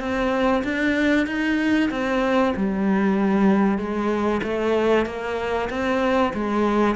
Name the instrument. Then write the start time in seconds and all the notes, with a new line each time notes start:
cello
0.00 C4
0.64 D4
1.27 D#4
1.91 C4
2.57 G3
3.78 G#3
4.43 A3
5.06 A#3
5.70 C4
6.34 G#3